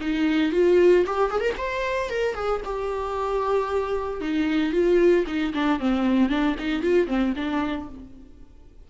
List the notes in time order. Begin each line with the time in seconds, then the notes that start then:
0.00 D#4
0.52 F4
1.06 G4
1.30 G#4
1.40 A#4
1.57 C5
2.09 A#4
2.34 G#4
2.64 G4
4.21 D#4
4.72 F4
5.27 D#4
5.54 D4
5.79 C4
6.29 D4
6.59 D#4
6.82 F4
7.07 C4
7.36 D4